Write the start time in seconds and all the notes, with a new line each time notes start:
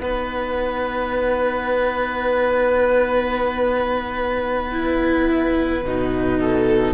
0.00 B3 D#4 B4 F#5
4.72 E4
5.84 B2 D#4
6.40 A4